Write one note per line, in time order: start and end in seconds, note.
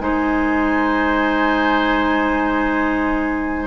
0.00 3.68 G#3
0.00 3.68 D#4
0.00 3.68 C5
0.00 3.68 G#5